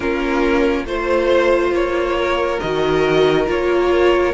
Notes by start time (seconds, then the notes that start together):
0.00 A#3 C#4 F4 A#4
0.85 A3 F4 C5
1.71 A#3 C#5
2.17 A#4
2.59 D#3 F#4 D#5
3.46 A#3 F4 C#5